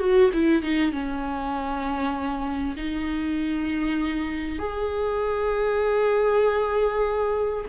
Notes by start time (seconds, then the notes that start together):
0.00 F#4
0.33 E4
0.63 D#4
0.92 C#4
2.77 D#4
4.59 G#4